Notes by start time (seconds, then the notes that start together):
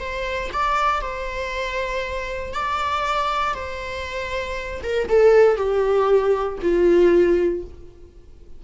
0.00 C5
0.53 D5
1.02 C5
2.54 D5
3.54 C5
4.83 A#4
5.09 A4
5.57 G4
6.62 F4